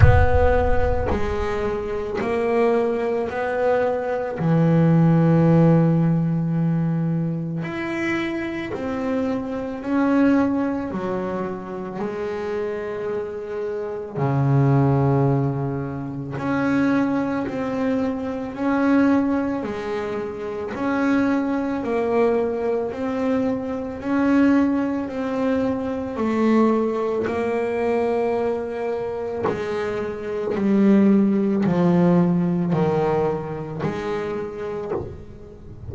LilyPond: \new Staff \with { instrumentName = "double bass" } { \time 4/4 \tempo 4 = 55 b4 gis4 ais4 b4 | e2. e'4 | c'4 cis'4 fis4 gis4~ | gis4 cis2 cis'4 |
c'4 cis'4 gis4 cis'4 | ais4 c'4 cis'4 c'4 | a4 ais2 gis4 | g4 f4 dis4 gis4 | }